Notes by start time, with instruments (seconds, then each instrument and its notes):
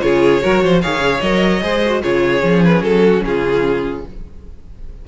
0.00 cello C#3, viola F4, violin G#4 C#5
0.41 cello F#3, viola F#4, violin A#4
0.63 cello F3, violin C5
0.81 cello D#3, viola G#4, violin C#5 F5
0.99 cello C#3
1.21 cello F#3, viola A#4, violin D#5
1.61 cello G#3, viola G#4, violin C5
1.85 viola F#4
2.02 cello C#3, viola F4, violin G#4 C#5
2.40 cello F3, viola C#4
2.64 violin B4
2.81 cello F#3, violin A4
3.04 violin F#4
3.24 cello C#3, violin F4 G#4